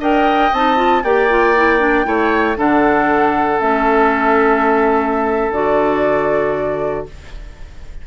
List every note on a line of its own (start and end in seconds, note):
0.00 0.51 D4
0.00 0.53 A#4
0.00 1.03 D#5
0.00 0.54 G5
0.53 1.04 C4
0.53 0.77 D#4
0.53 1.04 A5
0.77 1.02 F4
1.04 2.06 A#3
1.04 1.30 G4
1.04 2.07 D5
1.04 2.58 G5
1.30 1.55 F4
1.56 1.80 E4
1.80 2.05 D4
2.05 2.57 A3
2.05 2.56 E4
2.05 2.58 C#5
2.57 3.60 D3
2.57 3.60 D4
2.57 7.07 A4
2.57 3.60 F#5
3.60 5.51 A3
3.60 5.52 C#4
3.60 5.53 E5
5.51 7.05 D3
5.51 7.07 F#4
5.51 7.07 D5